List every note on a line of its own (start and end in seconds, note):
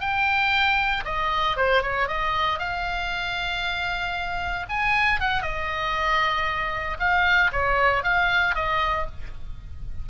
0.00 1.03 G5
1.05 1.56 D#5
1.56 1.82 C5
1.82 2.07 C#5
2.07 2.59 D#5
2.59 4.66 F5
4.69 5.20 G#5
5.20 5.42 F#5
5.42 6.97 D#5
6.99 7.51 F5
7.52 8.03 C#5
8.03 8.55 F5
8.55 9.06 D#5